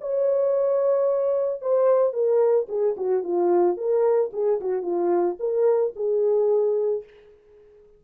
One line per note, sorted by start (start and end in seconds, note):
0.00 1.61 C#5
1.61 2.13 C5
2.13 2.67 A#4
2.68 2.95 G#4
2.97 3.23 F#4
3.23 3.77 F4
3.77 4.31 A#4
4.33 4.60 G#4
4.60 4.82 F#4
4.82 5.36 F4
5.39 5.93 A#4
5.95 7.03 G#4